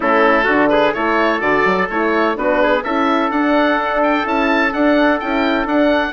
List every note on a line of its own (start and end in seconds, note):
0.00 0.46 A3
0.00 0.46 C#4
0.00 0.44 E4
0.00 0.69 A4
0.44 0.94 D3
0.44 0.94 D4
0.44 0.67 F#4
0.69 0.94 G#4
0.69 0.93 B4
0.93 1.41 A3
0.93 1.40 E4
0.93 2.36 A4
0.93 1.40 C#5
1.40 1.64 D3
1.40 1.87 F#4
1.40 1.88 D5
1.65 1.88 F#3
1.89 2.36 A3
1.89 2.35 E4
1.89 2.37 C#5
2.35 2.83 B3
2.35 2.82 D4
2.35 2.62 F#4
2.35 2.83 B4
2.62 2.83 G#4
2.83 3.30 C#4
2.83 3.32 E4
2.83 6.13 A4
2.83 3.30 E5
3.30 4.25 D4
3.30 4.24 D4
3.30 4.01 F#5
4.03 4.26 G5
4.24 4.72 C#4
4.24 4.71 E4
4.24 4.73 A5
4.72 5.20 D4
4.72 5.21 D4
4.72 5.19 F#5
5.19 5.65 C#4
5.19 5.67 E4
5.19 5.66 G5
5.65 6.12 D4
5.65 6.13 D4
5.65 6.13 F#5